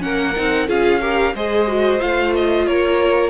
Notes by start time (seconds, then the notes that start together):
0.00 A#3 C#4 A#4 F#5
0.36 C4 D#4
0.68 C#4 F4 G#4 F5
1.01 G4 A#4
1.34 G#3 G#4 C5 D#5
1.67 F#4
1.99 A3 F4 F5
2.35 D#5
2.67 A#3 A#4 C#5